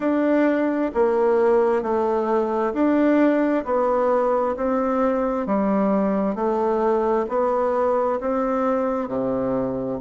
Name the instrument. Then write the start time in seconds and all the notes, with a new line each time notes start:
bassoon
0.00 D4
0.94 A#3
1.82 A3
2.73 D4
3.64 B3
4.56 C4
5.46 G3
6.35 A3
7.29 B3
8.20 C4
9.08 C3